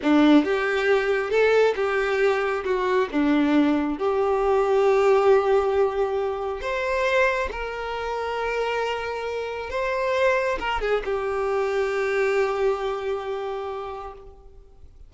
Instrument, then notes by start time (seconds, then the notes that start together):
violin
0.02 D4
0.44 G4
1.30 A4
1.75 G4
2.64 F#4
3.11 D4
3.98 G4
6.61 C5
7.51 A#4
9.70 C5
10.59 A#4
10.80 G#4
11.04 G4